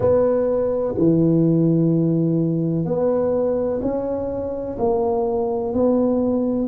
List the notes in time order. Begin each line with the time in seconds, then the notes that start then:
0.00 B3
0.97 E3
2.85 B3
3.82 C#4
4.78 A#3
5.73 B3